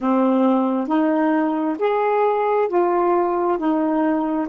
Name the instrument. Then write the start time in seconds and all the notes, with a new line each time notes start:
saxophone
0.00 C4
0.87 D#4
1.78 G#4
2.68 F4
3.57 D#4